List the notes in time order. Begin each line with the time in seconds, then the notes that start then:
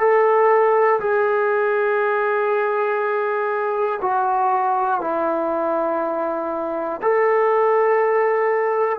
0.00 A4
1.01 G#4
4.02 F#4
5.01 E4
7.02 A4